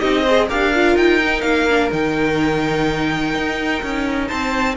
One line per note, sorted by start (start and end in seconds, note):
0.00 0.51 C4
0.00 0.26 D#4
0.00 0.22 G4
0.00 0.48 D#5
0.22 0.50 G#4
0.22 0.46 C5
0.49 0.96 D4
0.49 0.74 G4
0.49 4.28 A#4
0.49 0.97 F5
0.75 1.22 F4
0.96 1.43 D#4
0.96 1.42 G5
1.22 1.69 D#4
1.42 1.90 A#3
1.42 1.89 F5
1.69 1.92 D4
1.92 3.35 D#3
1.92 4.77 D#4
1.92 4.28 G5
3.35 3.83 D#4
3.83 4.31 C#4
4.28 4.77 C4
4.28 4.75 C5
4.28 4.76 A5